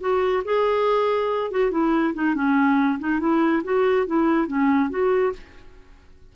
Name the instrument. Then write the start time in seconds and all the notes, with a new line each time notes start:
clarinet
0.00 F#4
0.45 G#4
1.51 F#4
1.71 E4
2.14 D#4
2.35 C#4
2.99 D#4
3.20 E4
3.64 F#4
4.06 E4
4.47 C#4
4.90 F#4